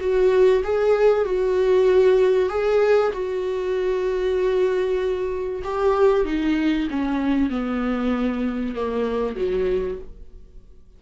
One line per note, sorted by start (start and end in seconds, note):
0.00 0.62 F#4
0.64 1.25 G#4
1.25 2.49 F#4
2.49 3.12 G#4
3.13 5.63 F#4
5.64 6.25 G4
6.25 6.88 D#4
6.90 7.50 C#4
7.50 8.75 B3
8.75 9.36 A#3
9.36 9.98 F#3